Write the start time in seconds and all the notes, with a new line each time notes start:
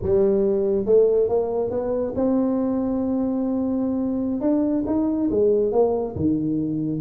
0.02 G3
0.85 A3
1.28 A#3
1.70 B3
2.15 C4
4.40 D4
4.86 D#4
5.30 G#3
5.72 A#3
6.15 D#3